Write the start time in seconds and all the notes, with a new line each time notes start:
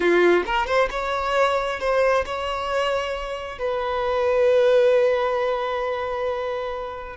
0.00 F4
0.46 A#4
0.66 C5
0.90 C#5
1.80 C5
2.25 C#5
3.58 B4